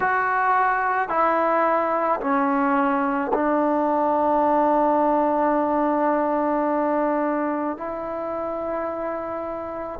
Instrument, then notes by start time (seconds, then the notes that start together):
trombone
0.00 F#4
1.08 E4
2.20 C#4
3.33 D4
7.77 E4